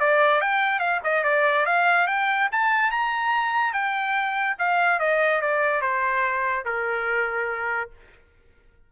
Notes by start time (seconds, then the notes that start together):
0.00 D5
0.41 G5
0.80 F5
1.04 D#5
1.24 D5
1.66 F5
2.08 G5
2.52 A5
2.91 A#5
3.73 G5
4.59 F5
5.00 D#5
5.42 D5
5.82 C5
6.66 A#4